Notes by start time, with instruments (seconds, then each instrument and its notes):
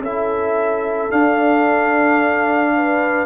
0.00 tuba C#4, trombone E4, horn A4, trumpet E5
1.10 trombone D4, tuba D4, trumpet F5
2.75 horn B4